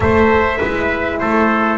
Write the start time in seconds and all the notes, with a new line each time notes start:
0.00 A3 A4 C5 E5
0.58 G#3 E4 B4
1.19 A3 A4 C5